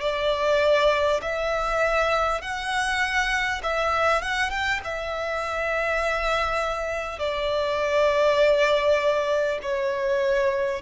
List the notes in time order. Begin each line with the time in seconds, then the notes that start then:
0.00 D5
1.22 E5
2.41 F#5
3.63 E5
4.22 F#5
4.50 G5
4.84 E5
7.19 D5
9.62 C#5